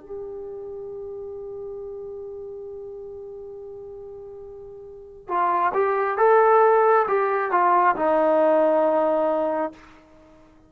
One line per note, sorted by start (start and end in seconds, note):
0.00 5.28 G4
5.28 5.72 F4
5.74 6.18 G4
6.18 7.06 A4
7.07 7.51 G4
7.51 7.95 F4
7.95 9.72 D#4